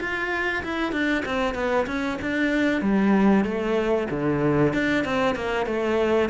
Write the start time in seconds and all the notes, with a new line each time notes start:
0.00 F4
0.63 E4
0.92 D4
1.25 C4
1.54 B3
1.86 C#4
2.21 D4
2.81 G3
3.44 A3
4.10 D3
4.73 D4
5.04 C4
5.35 A#3
5.66 A3